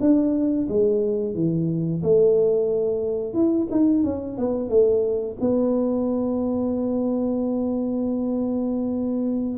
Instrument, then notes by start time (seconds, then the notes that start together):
tuba
0.00 D4
0.68 G#3
1.35 E3
2.03 A3
3.34 E4
3.71 D#4
4.04 C#4
4.37 B3
4.69 A3
5.40 B3